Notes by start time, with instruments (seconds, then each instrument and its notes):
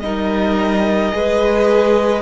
0.00 cello G3, viola D#4, violin A#4 D#5
1.12 cello G#3, viola G#4, violin B4